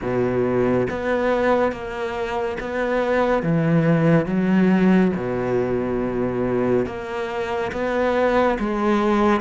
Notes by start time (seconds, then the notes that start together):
0.01 B2
0.90 B3
1.71 A#3
2.59 B3
3.42 E3
4.26 F#3
5.16 B2
6.86 A#3
7.72 B3
8.59 G#3